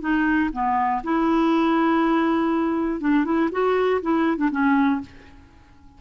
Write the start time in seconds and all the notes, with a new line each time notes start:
0.00 D#4
0.53 B3
1.03 E4
3.00 D4
3.25 E4
3.51 F#4
4.01 E4
4.37 D4
4.51 C#4